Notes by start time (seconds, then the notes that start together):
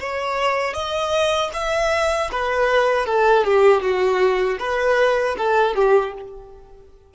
0.00 C#5
0.73 D#5
1.53 E5
2.31 B4
3.06 A4
3.44 G4
3.81 F#4
4.59 B4
5.37 A4
5.75 G4